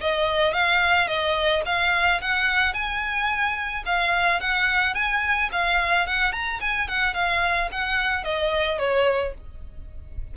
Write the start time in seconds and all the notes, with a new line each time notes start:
0.00 D#5
0.53 F5
1.07 D#5
1.66 F5
2.21 F#5
2.73 G#5
3.86 F5
4.40 F#5
4.94 G#5
5.52 F5
6.07 F#5
6.33 A#5
6.61 G#5
6.88 F#5
7.14 F5
7.72 F#5
8.24 D#5
8.79 C#5